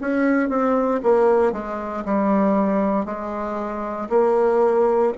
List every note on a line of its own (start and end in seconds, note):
0.00 0.48 C#4
0.48 1.00 C4
1.03 1.52 A#3
1.52 2.04 G#3
2.05 3.05 G3
3.05 4.08 G#3
4.09 5.12 A#3